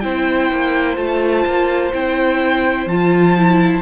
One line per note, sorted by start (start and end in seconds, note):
0.00 0.51 C4
0.00 0.96 E4
0.00 3.81 C5
0.00 0.95 G5
0.51 0.97 A#3
0.96 1.45 A3
0.96 1.91 F4
0.96 1.91 A5
1.45 1.93 A#3
1.92 2.86 C4
1.92 2.88 E4
1.92 2.87 G5
2.86 3.81 F3
2.86 3.37 F4
2.86 3.81 A5
3.37 3.81 E4